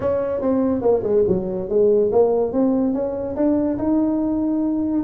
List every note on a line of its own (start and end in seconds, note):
0.00 0.41 C#4
0.41 0.81 C4
0.81 1.02 A#3
1.03 1.24 G#3
1.27 1.69 F#3
1.69 2.11 G#3
2.12 2.52 A#3
2.52 2.93 C4
2.93 3.35 C#4
3.35 3.77 D4
3.78 5.03 D#4